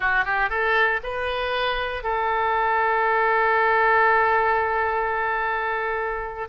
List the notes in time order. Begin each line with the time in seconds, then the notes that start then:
0.00 F#4
0.24 G4
0.49 A4
1.03 B4
2.03 A4